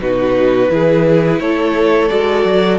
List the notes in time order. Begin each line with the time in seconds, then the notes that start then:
0.00 B2 D#4 F#4 B4
0.70 E3 E4 G#4
1.40 A3 A4 C#5
2.09 G#3 F#4 D5
2.45 F#3